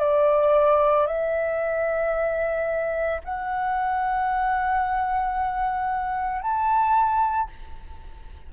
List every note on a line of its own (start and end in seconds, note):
0.00 1.07 D5
1.07 3.21 E5
3.25 6.42 F#5
6.42 7.50 A5